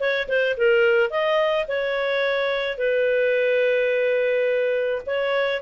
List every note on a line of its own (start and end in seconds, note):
0.00 0.28 C#5
0.29 0.57 C5
0.58 1.10 A#4
1.10 1.66 D#5
1.68 2.78 C#5
2.78 5.02 B4
5.06 5.63 C#5